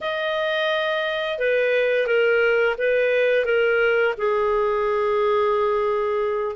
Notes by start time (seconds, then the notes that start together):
0.01 D#5
1.38 B4
2.06 A#4
2.77 B4
3.45 A#4
4.17 G#4